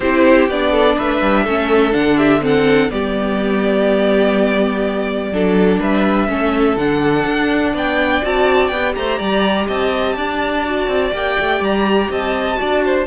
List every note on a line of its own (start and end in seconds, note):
0.00 0.48 C4
0.00 0.50 E4
0.00 0.71 G4
0.00 0.48 C5
0.48 0.96 B3
0.48 1.47 D4
0.48 0.98 D5
0.71 0.95 A4
0.97 1.21 A3
0.97 1.43 B4
0.97 1.93 E5
1.21 1.45 G3
1.43 1.94 A3
1.43 1.92 C#4
1.43 2.16 A4
1.92 2.91 D3
1.92 2.40 D4
1.92 2.17 F#5
2.16 2.41 G4
2.16 2.41 E5
2.40 2.89 C4
2.40 2.91 A4
2.40 2.90 F#5
2.90 5.31 G3
2.90 5.32 B3
2.90 5.33 G4
2.90 5.80 D5
5.31 5.79 F#3
5.31 6.27 D4
5.31 5.80 A4
5.80 6.28 G3
5.80 6.28 B4
5.80 6.77 E5
6.27 6.76 A3
6.27 6.76 C#4
6.27 7.73 A4
6.76 7.24 D3
6.76 8.22 D4
6.76 7.74 F#5
7.25 7.73 D4
7.73 8.22 B3
7.73 8.94 D5
7.73 8.25 G5
8.22 8.71 C4
8.22 8.70 F#4
8.22 8.68 A5
8.68 8.95 B3
8.68 10.65 G4
8.68 8.92 G5
8.94 9.19 A3
8.94 9.18 C5
8.94 9.67 A#5
9.18 9.68 G3
9.18 9.66 D5
9.67 10.16 C4
9.67 10.15 D#5
9.67 11.13 A5
10.16 10.87 D4
10.16 12.10 D5
10.65 11.11 F#4
10.87 11.11 C4
11.11 11.36 A#3
11.11 12.55 G4
11.11 11.63 G5
11.39 11.60 A3
11.60 12.08 G3
11.60 12.11 A#5
12.09 12.58 C4
12.09 12.59 D#5
12.09 13.06 A5
12.55 13.03 F#4
12.55 12.84 D5
12.61 13.06 D4
12.84 13.06 C5